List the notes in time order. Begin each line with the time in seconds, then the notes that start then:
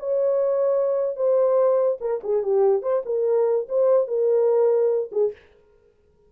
0.00 C#5
1.17 C5
2.01 A#4
2.24 G#4
2.44 G4
2.82 C5
3.06 A#4
3.69 C5
4.08 A#4
5.12 G#4